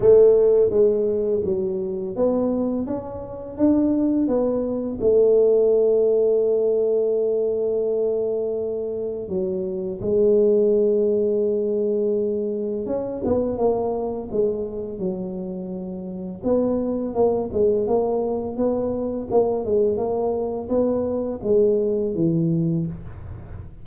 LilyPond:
\new Staff \with { instrumentName = "tuba" } { \time 4/4 \tempo 4 = 84 a4 gis4 fis4 b4 | cis'4 d'4 b4 a4~ | a1~ | a4 fis4 gis2~ |
gis2 cis'8 b8 ais4 | gis4 fis2 b4 | ais8 gis8 ais4 b4 ais8 gis8 | ais4 b4 gis4 e4 | }